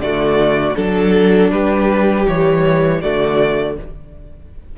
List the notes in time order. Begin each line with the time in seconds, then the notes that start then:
0.00 D3 A3 F#4 D5
0.76 F#3 D4 A4
1.52 G3 G4 B4
2.27 E3 G3 C#5
3.02 D3 A3 F#4 D5